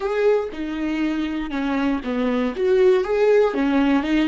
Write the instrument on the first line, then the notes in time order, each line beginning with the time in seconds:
viola
0.00 G#4
0.52 D#4
1.50 C#4
2.04 B3
2.56 F#4
3.04 G#4
3.53 C#4
4.03 D#4